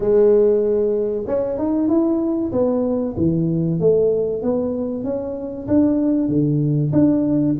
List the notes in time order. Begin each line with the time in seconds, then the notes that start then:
0.00 G#3
1.26 C#4
1.58 D#4
1.88 E4
2.52 B3
3.16 E3
3.80 A3
4.42 B3
5.04 C#4
5.67 D4
6.28 D3
6.92 D4